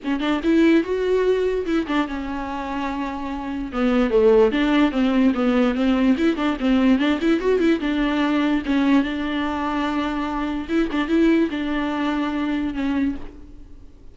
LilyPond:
\new Staff \with { instrumentName = "viola" } { \time 4/4 \tempo 4 = 146 cis'8 d'8 e'4 fis'2 | e'8 d'8 cis'2.~ | cis'4 b4 a4 d'4 | c'4 b4 c'4 e'8 d'8 |
c'4 d'8 e'8 fis'8 e'8 d'4~ | d'4 cis'4 d'2~ | d'2 e'8 d'8 e'4 | d'2. cis'4 | }